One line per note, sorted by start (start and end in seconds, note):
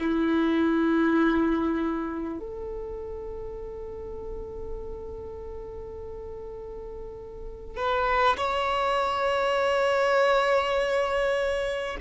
0.00 2.40 E4
2.40 7.77 A4
7.77 8.37 B4
8.38 11.98 C#5